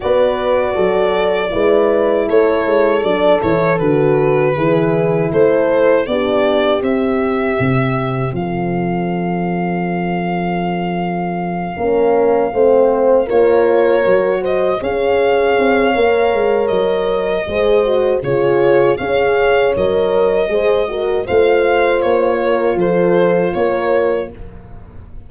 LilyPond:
<<
  \new Staff \with { instrumentName = "violin" } { \time 4/4 \tempo 4 = 79 d''2. cis''4 | d''8 cis''8 b'2 c''4 | d''4 e''2 f''4~ | f''1~ |
f''4. cis''4. dis''8 f''8~ | f''2 dis''2 | cis''4 f''4 dis''2 | f''4 cis''4 c''4 cis''4 | }
  \new Staff \with { instrumentName = "horn" } { \time 4/4 b'4 a'4 b'4 a'4~ | a'2 gis'4 a'4 | g'2. a'4~ | a'2.~ a'8 ais'8~ |
ais'8 c''4 ais'4. c''8 cis''8~ | cis''2. c''4 | gis'4 cis''2 c''8 ais'8 | c''4. ais'8 a'4 ais'4 | }
  \new Staff \with { instrumentName = "horn" } { \time 4/4 fis'2 e'2 | d'8 e'8 fis'4 e'2 | d'4 c'2.~ | c'2.~ c'8 cis'8~ |
cis'8 c'4 f'4 fis'4 gis'8~ | gis'4 ais'2 gis'8 fis'8 | f'4 gis'4 ais'4 gis'8 fis'8 | f'1 | }
  \new Staff \with { instrumentName = "tuba" } { \time 4/4 b4 fis4 gis4 a8 gis8 | fis8 e8 d4 e4 a4 | b4 c'4 c4 f4~ | f2.~ f8 ais8~ |
ais8 a4 ais4 fis4 cis'8~ | cis'8 c'8 ais8 gis8 fis4 gis4 | cis4 cis'4 fis4 gis4 | a4 ais4 f4 ais4 | }
>>